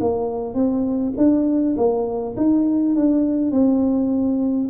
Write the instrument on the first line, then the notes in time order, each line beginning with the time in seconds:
tuba
0.00 A#3
0.54 C4
1.17 D4
1.76 A#3
2.37 D#4
2.96 D4
3.51 C4